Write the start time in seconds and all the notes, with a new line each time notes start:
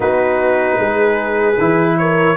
0.00 B3 D#4 F#4 B4
0.78 G#3 G#4
1.57 E3 E4
1.98 A#4 C#5